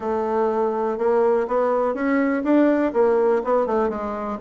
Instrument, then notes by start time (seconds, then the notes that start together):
bassoon
0.00 A3
0.98 A#3
1.47 B3
1.94 C#4
2.43 D4
2.93 A#3
3.44 B3
3.66 A3
3.89 G#3